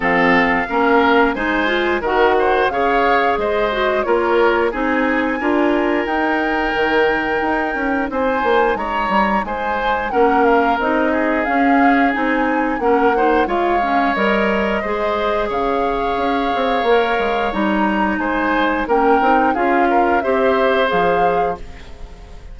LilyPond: <<
  \new Staff \with { instrumentName = "flute" } { \time 4/4 \tempo 4 = 89 f''2 gis''4 fis''4 | f''4 dis''4 cis''4 gis''4~ | gis''4 g''2. | gis''4 ais''4 gis''4 fis''8 f''8 |
dis''4 f''4 gis''4 fis''4 | f''4 dis''2 f''4~ | f''2 ais''4 gis''4 | g''4 f''4 e''4 f''4 | }
  \new Staff \with { instrumentName = "oboe" } { \time 4/4 a'4 ais'4 c''4 ais'8 c''8 | cis''4 c''4 ais'4 gis'4 | ais'1 | c''4 cis''4 c''4 ais'4~ |
ais'8 gis'2~ gis'8 ais'8 c''8 | cis''2 c''4 cis''4~ | cis''2. c''4 | ais'4 gis'8 ais'8 c''2 | }
  \new Staff \with { instrumentName = "clarinet" } { \time 4/4 c'4 cis'4 dis'8 f'8 fis'4 | gis'4. fis'8 f'4 dis'4 | f'4 dis'2.~ | dis'2. cis'4 |
dis'4 cis'4 dis'4 cis'8 dis'8 | f'8 cis'8 ais'4 gis'2~ | gis'4 ais'4 dis'2 | cis'8 dis'8 f'4 g'4 gis'4 | }
  \new Staff \with { instrumentName = "bassoon" } { \time 4/4 f4 ais4 gis4 dis4 | cis4 gis4 ais4 c'4 | d'4 dis'4 dis4 dis'8 cis'8 | c'8 ais8 gis8 g8 gis4 ais4 |
c'4 cis'4 c'4 ais4 | gis4 g4 gis4 cis4 | cis'8 c'8 ais8 gis8 g4 gis4 | ais8 c'8 cis'4 c'4 f4 | }
>>